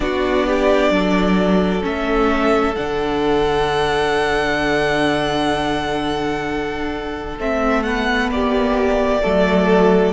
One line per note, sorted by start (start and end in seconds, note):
0.00 0.90 B3
0.00 1.81 D4
0.00 0.46 F#4
0.00 1.82 D5
0.46 0.92 G4
0.90 1.82 F#3
0.90 8.31 A4
1.81 2.76 A3
1.81 2.74 C#4
1.81 2.75 E5
2.75 7.38 D3
2.75 7.38 D4
2.75 7.37 F#5
7.38 8.29 A3
7.38 7.85 C4
7.38 7.83 E5
7.83 9.22 B3
7.83 8.29 F#5
8.29 9.21 A#3
8.29 9.22 G4
8.29 10.13 D5
9.22 10.13 F#3
9.22 10.13 A3
9.22 10.13 A4